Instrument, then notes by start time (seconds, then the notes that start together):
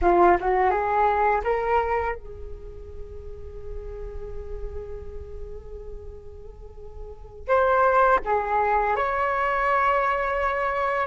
flute
0.01 F4
0.40 F#4
0.70 G#4
1.44 A#4
2.15 G#4
7.48 C5
8.24 G#4
8.96 C#5